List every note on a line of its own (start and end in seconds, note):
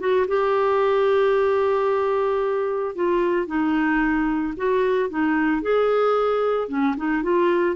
0.00 0.27 F#4
0.28 2.96 G4
2.96 3.47 F4
3.47 4.54 D#4
4.57 5.10 F#4
5.10 5.62 D#4
5.62 6.69 G#4
6.69 6.96 C#4
6.97 7.23 D#4
7.23 7.76 F4